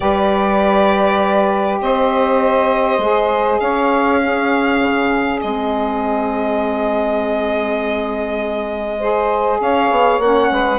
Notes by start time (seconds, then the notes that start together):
0.00 G3 G4 B4 D5
1.80 C4 C5 D#5
2.98 G#3 G#4
3.59 C#4 C#5 F5
4.21 C#4 G#4
4.81 C#3
5.41 G#3 C4 D#5
8.99 G#4 C5
9.60 C#4 C#5 F5
9.90 B3
10.18 A#3 C#4 F#5
10.51 G#3 B4